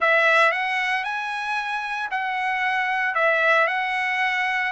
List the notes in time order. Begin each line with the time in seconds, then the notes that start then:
0.00 E5
0.51 F#5
1.04 G#5
2.11 F#5
3.14 E5
3.67 F#5